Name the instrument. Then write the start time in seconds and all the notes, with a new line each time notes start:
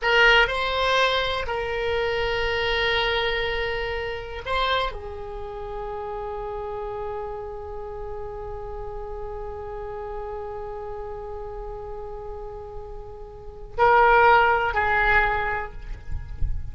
oboe
0.02 A#4
0.47 C5
1.46 A#4
4.45 C5
4.92 G#4
13.77 A#4
14.74 G#4